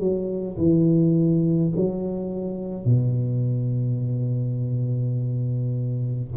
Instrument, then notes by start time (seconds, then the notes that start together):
tuba
0.00 F#3
0.58 E3
1.77 F#3
2.85 B2